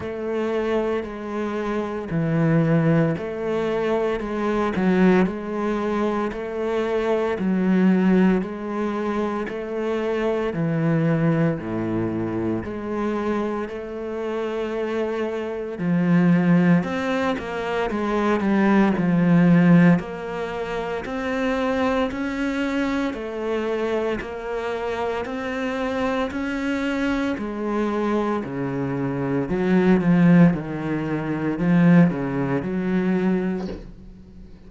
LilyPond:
\new Staff \with { instrumentName = "cello" } { \time 4/4 \tempo 4 = 57 a4 gis4 e4 a4 | gis8 fis8 gis4 a4 fis4 | gis4 a4 e4 a,4 | gis4 a2 f4 |
c'8 ais8 gis8 g8 f4 ais4 | c'4 cis'4 a4 ais4 | c'4 cis'4 gis4 cis4 | fis8 f8 dis4 f8 cis8 fis4 | }